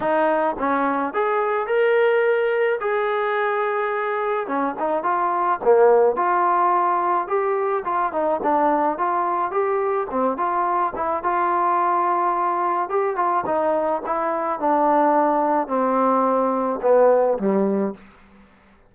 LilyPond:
\new Staff \with { instrumentName = "trombone" } { \time 4/4 \tempo 4 = 107 dis'4 cis'4 gis'4 ais'4~ | ais'4 gis'2. | cis'8 dis'8 f'4 ais4 f'4~ | f'4 g'4 f'8 dis'8 d'4 |
f'4 g'4 c'8 f'4 e'8 | f'2. g'8 f'8 | dis'4 e'4 d'2 | c'2 b4 g4 | }